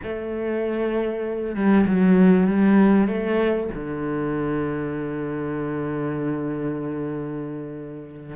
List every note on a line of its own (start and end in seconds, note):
0.03 1.55 A3
1.55 1.86 G3
1.87 2.47 F#3
2.47 3.07 G3
3.07 3.69 A3
3.74 8.35 D3